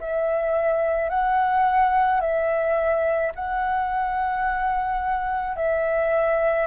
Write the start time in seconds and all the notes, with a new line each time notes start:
0.00 E5
1.09 F#5
2.20 E5
3.35 F#5
5.56 E5